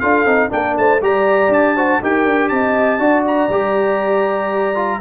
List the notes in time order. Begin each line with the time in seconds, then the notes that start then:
0.00 D4 F4 A4 F5
0.25 C4 D#4
0.50 A#3 D4 A#4 G5
0.77 A3 C5 A5
1.02 G3 G4 D5 A#5
1.49 D4 A5
1.76 F#4 C5
2.01 D#4 G4 A#4 G5
2.26 D4
2.49 C4 D#5 A5
2.99 D4 F#4 D5
3.27 A#5
3.49 G3 G4
4.75 F4